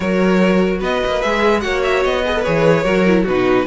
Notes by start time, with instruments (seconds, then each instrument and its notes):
0.00 cello F#3, viola F#4, violin A#4 C#5
0.79 cello B3, violin B4 D#5
1.05 cello A#3
1.21 cello G#3, viola G#4, violin E5
1.60 cello A#3, viola F#4, violin C#5 F#5
1.83 violin E5
2.04 cello B3, violin D#5
2.25 viola G#4, violin B4
2.35 viola A4
2.43 cello E3, viola G#4, violin C#5
2.83 cello F#3, viola F#4, violin A#4
3.06 viola E4
3.23 cello B2, violin F#4 B4
3.29 viola D#4